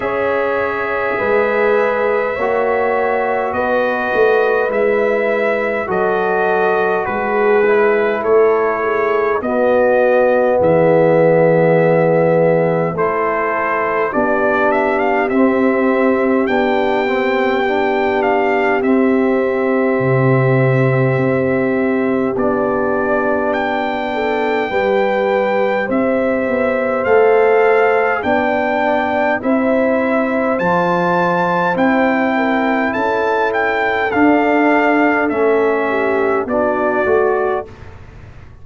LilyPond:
<<
  \new Staff \with { instrumentName = "trumpet" } { \time 4/4 \tempo 4 = 51 e''2. dis''4 | e''4 dis''4 b'4 cis''4 | dis''4 e''2 c''4 | d''8 e''16 f''16 e''4 g''4. f''8 |
e''2. d''4 | g''2 e''4 f''4 | g''4 e''4 a''4 g''4 | a''8 g''8 f''4 e''4 d''4 | }
  \new Staff \with { instrumentName = "horn" } { \time 4/4 cis''4 b'4 cis''4 b'4~ | b'4 a'4 gis'4 a'8 gis'8 | fis'4 gis'2 a'4 | g'1~ |
g'1~ | g'8 a'8 b'4 c''2 | d''4 c''2~ c''8 ais'8 | a'2~ a'8 g'8 fis'4 | }
  \new Staff \with { instrumentName = "trombone" } { \time 4/4 gis'2 fis'2 | e'4 fis'4. e'4. | b2. e'4 | d'4 c'4 d'8 c'8 d'4 |
c'2. d'4~ | d'4 g'2 a'4 | d'4 e'4 f'4 e'4~ | e'4 d'4 cis'4 d'8 fis'8 | }
  \new Staff \with { instrumentName = "tuba" } { \time 4/4 cis'4 gis4 ais4 b8 a8 | gis4 fis4 gis4 a4 | b4 e2 a4 | b4 c'4 b2 |
c'4 c4 c'4 b4~ | b4 g4 c'8 b8 a4 | b4 c'4 f4 c'4 | cis'4 d'4 a4 b8 a8 | }
>>